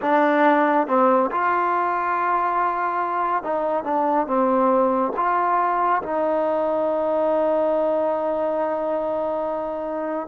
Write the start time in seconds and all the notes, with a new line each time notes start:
0.01 D4
0.87 C4
1.31 F4
3.43 D#4
3.84 D4
4.26 C4
5.16 F4
6.02 D#4